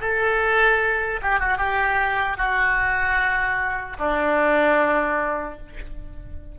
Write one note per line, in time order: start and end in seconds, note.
0.00 1.20 A4
1.22 1.39 G4
1.39 1.57 F#4
1.57 2.37 G4
2.37 3.97 F#4
3.99 5.59 D4